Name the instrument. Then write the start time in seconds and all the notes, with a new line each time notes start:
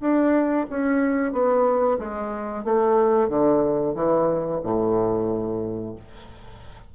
bassoon
0.00 D4
0.70 C#4
1.32 B3
1.98 G#3
2.64 A3
3.28 D3
3.94 E3
4.63 A2